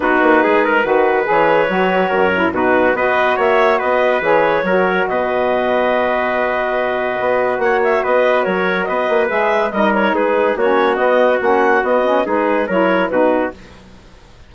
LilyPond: <<
  \new Staff \with { instrumentName = "clarinet" } { \time 4/4 \tempo 4 = 142 b'2. cis''4~ | cis''2 b'4 dis''4 | e''4 dis''4 cis''2 | dis''1~ |
dis''2 fis''8 e''8 dis''4 | cis''4 dis''4 e''4 dis''8 cis''8 | b'4 cis''4 dis''4 fis''4 | dis''4 b'4 cis''4 b'4 | }
  \new Staff \with { instrumentName = "trumpet" } { \time 4/4 fis'4 gis'8 ais'8 b'2~ | b'4 ais'4 fis'4 b'4 | cis''4 b'2 ais'4 | b'1~ |
b'2 cis''4 b'4 | ais'4 b'2 ais'4 | gis'4 fis'2.~ | fis'4 gis'4 ais'4 fis'4 | }
  \new Staff \with { instrumentName = "saxophone" } { \time 4/4 dis'2 fis'4 gis'4 | fis'4. e'8 dis'4 fis'4~ | fis'2 gis'4 fis'4~ | fis'1~ |
fis'1~ | fis'2 gis'4 dis'4~ | dis'4 cis'4 b4 cis'4 | b8 cis'8 dis'4 e'4 dis'4 | }
  \new Staff \with { instrumentName = "bassoon" } { \time 4/4 b8 ais8 gis4 dis4 e4 | fis4 fis,4 b,4 b4 | ais4 b4 e4 fis4 | b,1~ |
b,4 b4 ais4 b4 | fis4 b8 ais8 gis4 g4 | gis4 ais4 b4 ais4 | b4 gis4 fis4 b,4 | }
>>